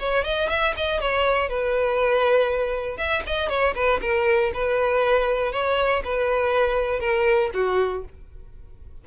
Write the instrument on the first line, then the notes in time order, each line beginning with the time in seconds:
violin
0.00 C#5
0.25 D#5
0.50 E5
0.77 D#5
1.01 C#5
1.49 B4
2.98 E5
3.27 D#5
3.50 C#5
3.75 B4
4.02 A#4
4.54 B4
5.53 C#5
6.05 B4
7.00 A#4
7.54 F#4